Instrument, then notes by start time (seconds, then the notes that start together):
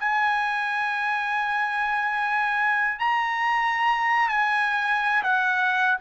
trumpet
0.00 G#5
2.99 A#5
4.29 G#5
5.23 F#5